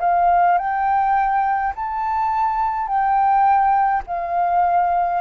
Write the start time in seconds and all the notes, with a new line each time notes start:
0.00 F5
0.58 G5
1.75 A5
2.87 G5
4.06 F5